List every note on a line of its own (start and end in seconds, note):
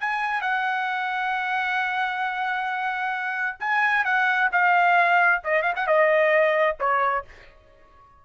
0.00 0.41 G#5
0.41 3.57 F#5
3.60 4.05 G#5
4.05 4.50 F#5
4.52 5.42 F5
5.44 5.62 D#5
5.62 5.73 F5
5.76 5.87 F#5
5.87 6.77 D#5
6.80 7.25 C#5